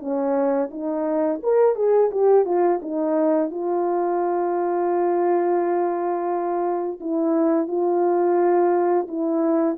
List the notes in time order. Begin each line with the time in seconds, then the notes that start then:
0.00 C#4
0.71 D#4
1.43 A#4
1.76 G#4
2.11 G4
2.45 F4
2.83 D#4
3.51 F4
7.01 E4
7.68 F4
9.08 E4